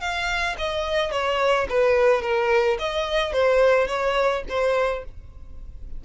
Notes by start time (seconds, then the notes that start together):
0.00 F5
0.58 D#5
1.11 C#5
1.69 B4
2.22 A#4
2.79 D#5
3.32 C5
3.87 C#5
4.49 C5